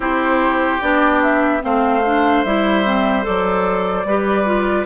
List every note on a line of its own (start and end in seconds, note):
0.00 0.78 C4
0.00 0.80 E4
0.00 1.62 G4
0.00 0.81 C5
0.81 1.62 B3
0.81 1.61 D4
0.81 1.21 D5
1.22 1.63 E5
1.61 2.45 A3
1.61 2.02 C4
1.61 4.07 C5
1.61 2.43 F5
2.05 2.45 D4
2.43 3.26 G3
2.43 2.85 E4
2.43 3.24 E5
2.85 3.22 C4
3.22 4.04 F#3
3.22 4.04 A4
3.22 4.85 D5
4.04 4.85 G3
4.04 4.45 G4
4.04 4.85 B4
4.45 4.85 F4